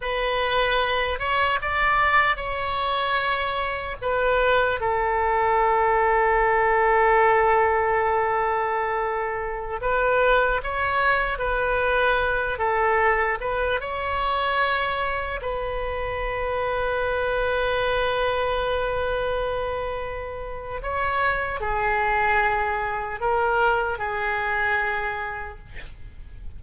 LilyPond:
\new Staff \with { instrumentName = "oboe" } { \time 4/4 \tempo 4 = 75 b'4. cis''8 d''4 cis''4~ | cis''4 b'4 a'2~ | a'1~ | a'16 b'4 cis''4 b'4. a'16~ |
a'8. b'8 cis''2 b'8.~ | b'1~ | b'2 cis''4 gis'4~ | gis'4 ais'4 gis'2 | }